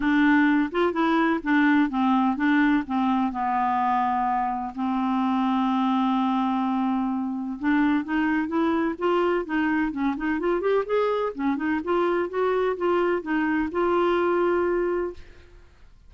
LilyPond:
\new Staff \with { instrumentName = "clarinet" } { \time 4/4 \tempo 4 = 127 d'4. f'8 e'4 d'4 | c'4 d'4 c'4 b4~ | b2 c'2~ | c'1 |
d'4 dis'4 e'4 f'4 | dis'4 cis'8 dis'8 f'8 g'8 gis'4 | cis'8 dis'8 f'4 fis'4 f'4 | dis'4 f'2. | }